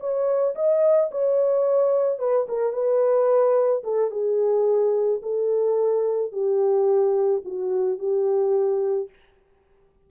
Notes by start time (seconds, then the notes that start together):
0.00 C#5
0.56 D#5
1.11 C#5
2.19 B4
2.48 A#4
2.73 B4
3.84 A4
4.11 G#4
5.22 A4
6.32 G4
7.45 F#4
7.99 G4